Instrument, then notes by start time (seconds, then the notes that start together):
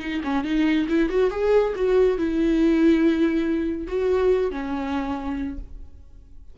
viola
0.00 D#4
0.24 C#4
0.44 D#4
0.89 E4
1.09 F#4
1.31 G#4
1.75 F#4
2.18 E4
3.87 F#4
4.51 C#4